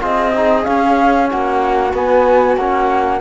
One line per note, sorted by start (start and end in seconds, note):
0.00 0.66 C4
0.00 0.32 F4
0.00 1.28 G#4
0.00 0.64 D#5
0.35 0.64 D#4
0.64 1.91 C#4
0.64 1.31 C#4
0.64 1.28 F5
1.30 1.93 A#3
1.30 3.20 F#4
1.30 1.93 F#5
1.93 2.57 B3
1.93 2.58 B3
1.93 2.56 G#5
2.56 3.20 A#3
2.56 3.20 C#4
2.56 3.20 F#5